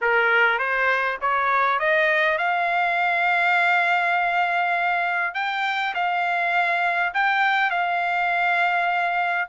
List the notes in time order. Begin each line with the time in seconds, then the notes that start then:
0.01 A#4
0.58 C5
1.21 C#5
1.79 D#5
2.38 F5
5.34 G5
5.94 F5
7.13 G5
7.70 F5